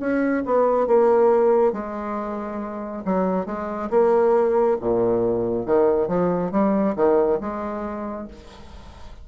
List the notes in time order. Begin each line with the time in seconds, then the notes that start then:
0.00 C#4
0.45 B3
0.87 A#3
1.73 G#3
3.05 F#3
3.46 G#3
3.90 A#3
4.81 A#2
5.66 D#3
6.08 F3
6.52 G3
6.96 D#3
7.41 G#3